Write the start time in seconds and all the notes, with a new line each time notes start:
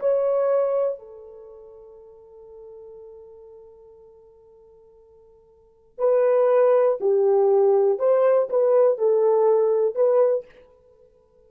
0.00 C#5
0.99 A4
5.99 B4
7.01 G4
7.99 C5
8.50 B4
8.99 A4
9.96 B4